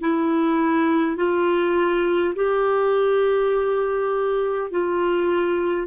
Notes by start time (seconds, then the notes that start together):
0.00 E4
1.17 F4
2.35 G4
4.71 F4